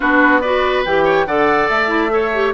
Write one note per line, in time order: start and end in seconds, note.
0.00 0.85 B3
0.00 0.42 D4
0.00 0.41 F#4
0.00 0.40 B4
0.40 0.85 F#4
0.40 1.04 B4
0.40 0.83 D5
0.84 1.26 E3
0.84 1.27 G4
0.84 1.26 G5
1.04 1.25 C#5
1.26 1.68 D3
1.26 1.87 A4
1.26 2.12 D5
1.26 1.68 F#5
1.68 2.54 A3
1.68 2.53 E5
1.87 2.08 E4
2.10 2.31 A4
2.10 2.54 C#5
2.34 2.54 G4